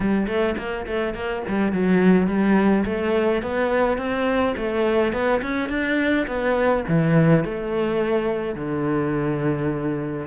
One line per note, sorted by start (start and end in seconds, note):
0.00 0.27 G3
0.27 0.55 A3
0.57 0.86 A#3
0.86 1.14 A3
1.14 1.43 A#3
1.48 1.72 G3
1.72 2.27 F#3
2.27 2.84 G3
2.85 3.42 A3
3.42 3.97 B3
3.97 4.54 C4
4.56 5.12 A3
5.12 5.41 B3
5.42 5.69 C#4
5.69 6.26 D4
6.27 6.84 B3
6.88 7.44 E3
7.44 8.55 A3
8.55 10.26 D3